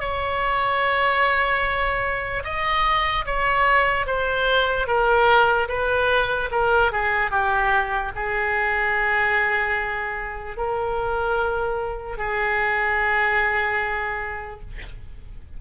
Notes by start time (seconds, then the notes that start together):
0.00 C#5
2.44 D#5
3.26 C#5
4.07 C5
4.87 A#4
5.69 B4
6.52 A#4
6.93 G#4
7.31 G4
8.16 G#4
10.57 A#4
12.18 G#4